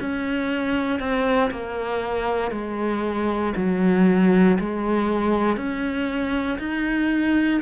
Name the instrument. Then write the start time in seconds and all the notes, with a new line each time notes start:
cello
0.00 C#4
0.99 C4
1.51 A#3
2.51 G#3
3.56 F#3
4.59 G#3
5.57 C#4
6.59 D#4